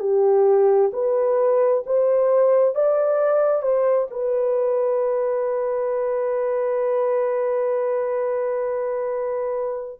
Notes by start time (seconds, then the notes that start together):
0.00 G4
0.93 B4
1.86 C5
2.75 D5
3.62 C5
4.11 B4